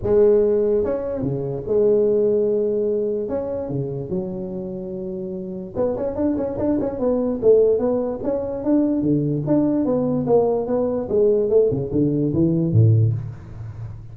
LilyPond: \new Staff \with { instrumentName = "tuba" } { \time 4/4 \tempo 4 = 146 gis2 cis'4 cis4 | gis1 | cis'4 cis4 fis2~ | fis2 b8 cis'8 d'8 cis'8 |
d'8 cis'8 b4 a4 b4 | cis'4 d'4 d4 d'4 | b4 ais4 b4 gis4 | a8 cis8 d4 e4 a,4 | }